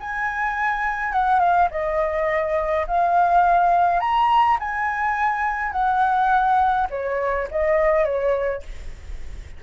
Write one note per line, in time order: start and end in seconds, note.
0.00 1.12 G#5
1.12 1.40 F#5
1.40 1.69 F5
1.71 2.86 D#5
2.87 4.00 F5
4.00 4.58 A#5
4.60 5.72 G#5
5.72 6.87 F#5
6.90 7.48 C#5
7.51 8.05 D#5
8.05 8.62 C#5